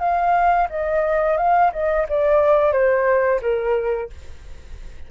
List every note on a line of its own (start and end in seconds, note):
0.00 0.68 F5
0.70 1.38 D#5
1.38 1.72 F5
1.73 2.07 D#5
2.10 2.73 D5
2.73 3.41 C5
3.42 4.10 A#4